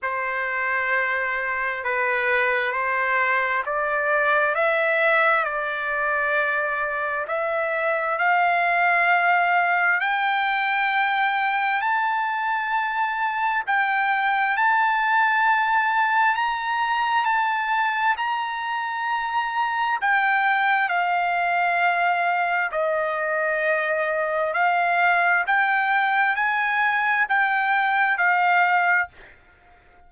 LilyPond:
\new Staff \with { instrumentName = "trumpet" } { \time 4/4 \tempo 4 = 66 c''2 b'4 c''4 | d''4 e''4 d''2 | e''4 f''2 g''4~ | g''4 a''2 g''4 |
a''2 ais''4 a''4 | ais''2 g''4 f''4~ | f''4 dis''2 f''4 | g''4 gis''4 g''4 f''4 | }